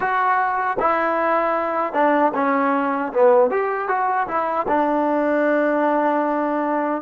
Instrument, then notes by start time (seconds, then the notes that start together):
trombone
0.00 F#4
0.79 E4
1.93 D4
2.34 C#4
3.12 B3
3.50 G4
3.88 F#4
4.27 E4
4.68 D4